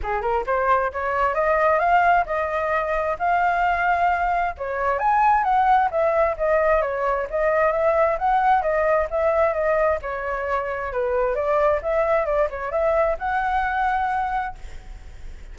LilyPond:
\new Staff \with { instrumentName = "flute" } { \time 4/4 \tempo 4 = 132 gis'8 ais'8 c''4 cis''4 dis''4 | f''4 dis''2 f''4~ | f''2 cis''4 gis''4 | fis''4 e''4 dis''4 cis''4 |
dis''4 e''4 fis''4 dis''4 | e''4 dis''4 cis''2 | b'4 d''4 e''4 d''8 cis''8 | e''4 fis''2. | }